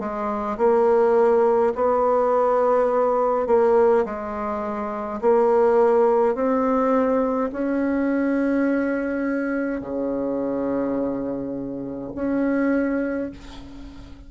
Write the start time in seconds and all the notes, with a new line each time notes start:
0.00 G#3
0.58 A#3
1.75 B3
3.47 A#3
4.05 G#3
5.21 A#3
6.35 C4
7.53 C#4
9.81 C#3
12.16 C#4